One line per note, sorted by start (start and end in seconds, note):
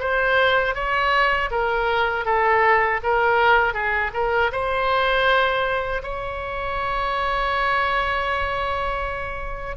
0.00 0.75 C5
0.75 1.50 C#5
1.51 2.26 A#4
2.26 3.01 A4
3.03 3.74 A#4
3.74 4.11 G#4
4.14 4.51 A#4
4.52 6.02 C5
6.03 9.77 C#5